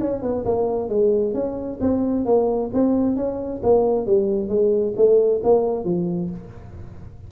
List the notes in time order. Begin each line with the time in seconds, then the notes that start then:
0.00 C#4
0.22 B3
0.45 A#3
0.89 G#3
1.33 C#4
1.80 C4
2.25 A#3
2.73 C4
3.16 C#4
3.63 A#3
4.06 G3
4.48 G#3
4.96 A3
5.43 A#3
5.84 F3